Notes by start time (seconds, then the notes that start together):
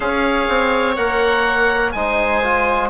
0.00 C#4 G#4 C#5 F5
0.48 C4
0.96 A#3 A#4 F#5
1.92 G#3 D#4 C5 G#5
2.43 F4